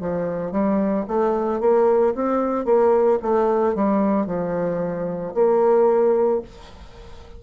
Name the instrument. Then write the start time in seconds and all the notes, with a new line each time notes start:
bassoon
0.00 F3
0.51 G3
1.08 A3
1.60 A#3
2.15 C4
2.65 A#3
3.22 A3
3.75 G3
4.26 F3
5.34 A#3